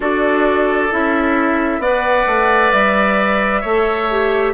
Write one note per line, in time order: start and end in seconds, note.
0.00 0.91 D4
0.00 0.89 F#4
0.00 1.81 A4
0.00 0.92 D5
0.91 1.78 C#4
0.91 1.81 E4
0.91 1.81 E5
1.78 2.24 B3
1.78 3.64 B4
1.78 3.61 D5
1.78 2.71 F#5
2.26 2.72 A3
2.71 3.63 G3
2.71 4.53 E5
3.61 4.53 A3
3.61 4.10 A4
3.61 4.52 C#5
4.10 4.53 G4